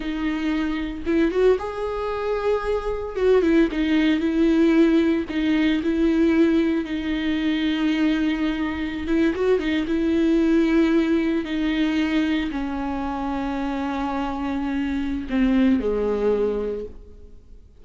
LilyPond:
\new Staff \with { instrumentName = "viola" } { \time 4/4 \tempo 4 = 114 dis'2 e'8 fis'8 gis'4~ | gis'2 fis'8 e'8 dis'4 | e'2 dis'4 e'4~ | e'4 dis'2.~ |
dis'4~ dis'16 e'8 fis'8 dis'8 e'4~ e'16~ | e'4.~ e'16 dis'2 cis'16~ | cis'1~ | cis'4 c'4 gis2 | }